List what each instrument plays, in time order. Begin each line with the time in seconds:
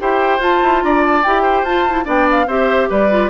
0.00 bassoon E4, clarinet G4, oboe C5, flute G5
0.40 bassoon F4, clarinet F4, flute A5
0.63 bassoon E4
0.84 bassoon D4, oboe D5, flute A#5
1.05 flute A5
1.24 bassoon E4, clarinet G4, flute G5
1.43 oboe C5
1.63 bassoon F4, clarinet F4, flute A5
1.90 clarinet E4
2.05 bassoon B3, clarinet D4, oboe D5, flute G5
2.31 flute F5
2.47 bassoon C4, clarinet G4, oboe C5, flute E5
2.90 bassoon G3, oboe B4, flute D5
3.10 clarinet F4